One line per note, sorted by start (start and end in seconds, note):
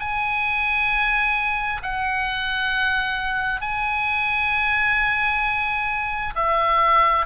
0.00 1.82 G#5
1.83 3.61 F#5
3.61 6.34 G#5
6.36 7.26 E5